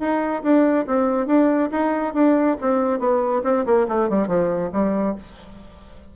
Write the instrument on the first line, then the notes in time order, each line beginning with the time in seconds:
bassoon
0.00 D#4
0.43 D4
0.87 C4
1.27 D4
1.72 D#4
2.14 D4
2.61 C4
2.99 B3
3.44 C4
3.66 A#3
3.89 A3
4.09 G3
4.28 F3
4.73 G3